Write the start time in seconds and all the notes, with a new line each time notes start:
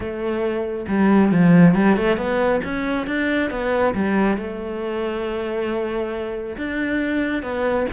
0.00 A3
0.87 G3
1.31 F3
1.75 G3
1.96 A3
2.17 B3
2.64 C#4
3.06 D4
3.50 B3
3.94 G3
4.37 A3
6.57 D4
7.42 B3